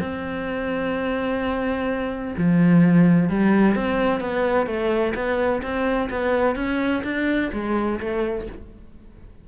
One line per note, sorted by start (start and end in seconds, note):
0.00 2.34 C4
2.38 3.29 F3
3.29 3.75 G3
3.75 4.20 C4
4.20 4.67 B3
4.67 5.13 A3
5.15 5.62 B3
5.62 6.09 C4
6.10 6.56 B3
6.56 7.03 C#4
7.04 7.50 D4
7.53 8.00 G#3
8.00 8.47 A3